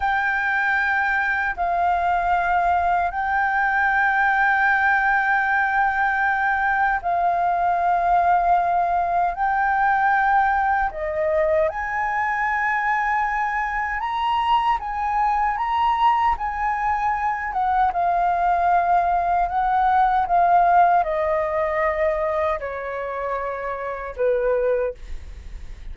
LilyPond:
\new Staff \with { instrumentName = "flute" } { \time 4/4 \tempo 4 = 77 g''2 f''2 | g''1~ | g''4 f''2. | g''2 dis''4 gis''4~ |
gis''2 ais''4 gis''4 | ais''4 gis''4. fis''8 f''4~ | f''4 fis''4 f''4 dis''4~ | dis''4 cis''2 b'4 | }